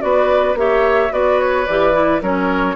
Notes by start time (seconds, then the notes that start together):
0.00 B3 F#4 B4 D5
0.55 A#3 G4 C#5 E5
1.11 B3 F#4 B4 D5
1.40 C#5
1.67 E3 G4 D5
1.93 E4
2.22 F#3 C#4 A#4 C#5